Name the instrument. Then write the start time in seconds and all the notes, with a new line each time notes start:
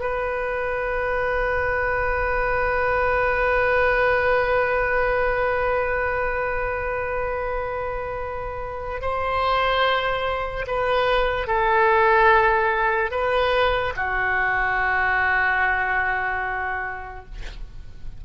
oboe
0.00 B4
9.02 C5
10.67 B4
11.47 A4
13.11 B4
13.97 F#4